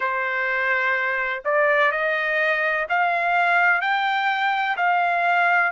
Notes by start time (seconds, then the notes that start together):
0.00 C5
1.44 D5
1.91 D#5
2.89 F5
3.81 G5
4.76 F5